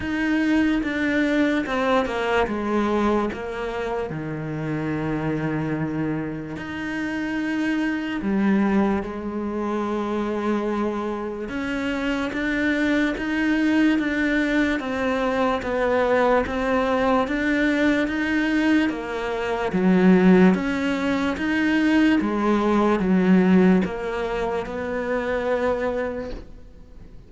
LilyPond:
\new Staff \with { instrumentName = "cello" } { \time 4/4 \tempo 4 = 73 dis'4 d'4 c'8 ais8 gis4 | ais4 dis2. | dis'2 g4 gis4~ | gis2 cis'4 d'4 |
dis'4 d'4 c'4 b4 | c'4 d'4 dis'4 ais4 | fis4 cis'4 dis'4 gis4 | fis4 ais4 b2 | }